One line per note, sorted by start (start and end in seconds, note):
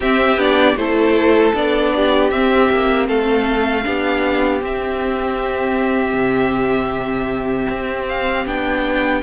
0.00 0.38 C4
0.00 0.36 C4
0.00 0.76 G4
0.00 0.39 E5
0.36 0.75 B3
0.36 0.77 D4
0.36 0.76 D5
0.75 1.52 A3
0.75 1.54 E4
0.75 1.93 A4
0.75 1.53 C5
1.54 2.31 B3
1.54 2.31 D4
1.54 2.30 D5
1.95 3.08 G4
2.30 2.69 C4
2.30 3.83 C4
2.30 3.07 E5
2.70 3.08 A#3
3.08 3.85 A3
3.08 3.84 A4
3.08 4.61 F5
3.83 4.61 B3
3.83 4.60 D4
3.83 9.23 G4
4.61 6.13 C4
4.61 8.46 C4
4.61 8.08 E5
6.13 7.67 C3
7.69 8.46 C4
8.08 8.46 F5
8.46 9.22 B3
8.46 9.22 D4
8.46 9.23 G5